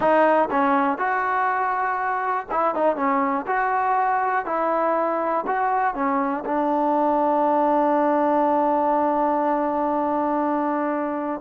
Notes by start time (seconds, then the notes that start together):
0.00 D#4
0.50 C#4
0.98 F#4
2.51 E4
2.74 D#4
2.96 C#4
3.46 F#4
4.45 E4
5.47 F#4
5.94 C#4
6.45 D4